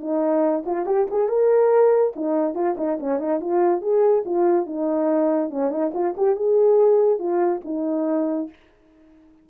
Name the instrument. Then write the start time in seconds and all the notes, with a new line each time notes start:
horn
0.00 D#4
0.65 F4
0.85 G4
1.10 G#4
1.28 A#4
2.15 D#4
2.54 F4
2.77 D#4
3.00 C#4
3.19 D#4
3.40 F4
3.81 G#4
4.25 F4
4.66 D#4
5.50 C#4
5.70 D#4
5.94 F4
6.17 G4
6.36 G#4
7.19 F4
7.64 D#4